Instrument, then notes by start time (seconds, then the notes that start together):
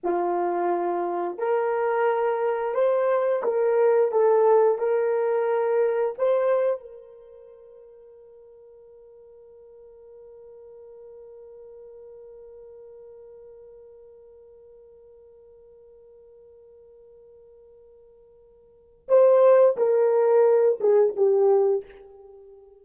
horn
0.03 F4
1.38 A#4
2.74 C5
3.43 A#4
4.11 A4
4.78 A#4
6.17 C5
6.80 A#4
19.08 C5
19.77 A#4
20.80 G#4
21.16 G4